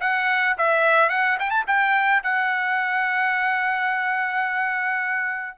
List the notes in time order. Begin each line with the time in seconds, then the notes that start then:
0.00 F#5
0.58 E5
1.10 F#5
1.39 G5
1.50 A5
1.67 G5
2.23 F#5